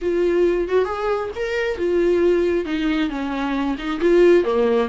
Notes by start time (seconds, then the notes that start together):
0.01 F4
0.68 F#4
0.84 G#4
1.35 A#4
1.77 F4
2.65 D#4
3.09 C#4
3.78 D#4
4.00 F4
4.43 A#3